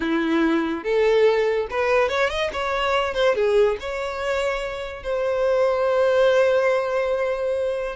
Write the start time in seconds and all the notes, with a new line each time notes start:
0.00 E4
0.83 A4
1.70 B4
2.08 C#5
2.29 D#5
2.53 C#5
3.14 C5
3.35 G#4
3.80 C#5
5.03 C5